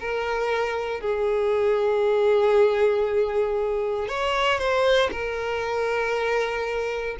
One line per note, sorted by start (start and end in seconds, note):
0.00 1.01 A#4
1.01 4.08 G#4
4.08 4.59 C#5
4.59 5.10 C5
5.12 7.17 A#4